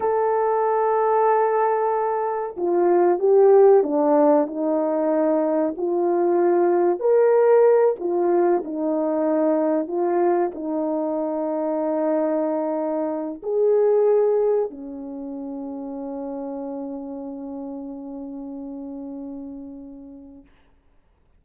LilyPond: \new Staff \with { instrumentName = "horn" } { \time 4/4 \tempo 4 = 94 a'1 | f'4 g'4 d'4 dis'4~ | dis'4 f'2 ais'4~ | ais'8 f'4 dis'2 f'8~ |
f'8 dis'2.~ dis'8~ | dis'4 gis'2 cis'4~ | cis'1~ | cis'1 | }